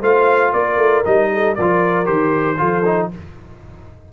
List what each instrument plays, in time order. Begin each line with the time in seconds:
0.00 tuba A3, trombone F4, horn C5, trumpet F5
0.52 tuba A#3, horn A#4, trumpet D5
0.77 tuba A3
1.04 tuba G3, trombone D#4, trumpet D#5
1.32 horn A4
1.54 tuba F3, trombone F4, horn A#4, trumpet D5
2.05 tuba D#3, trombone G4, trumpet C5
2.57 tuba F3, trombone F4, horn A4
2.85 trombone D#4